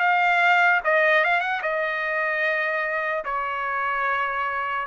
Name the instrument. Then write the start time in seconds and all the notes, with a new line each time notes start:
trumpet
0.00 F5
0.85 D#5
1.25 F5
1.41 F#5
1.63 D#5
3.25 C#5